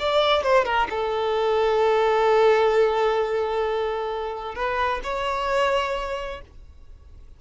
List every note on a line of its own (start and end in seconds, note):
0.00 0.43 D5
0.43 0.66 C5
0.66 0.88 A#4
0.90 4.56 A4
4.56 5.01 B4
5.04 6.41 C#5